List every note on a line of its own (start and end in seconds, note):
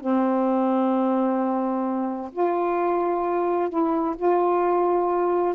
0.00 2.31 C4
2.32 3.69 F4
3.69 4.15 E4
4.16 5.55 F4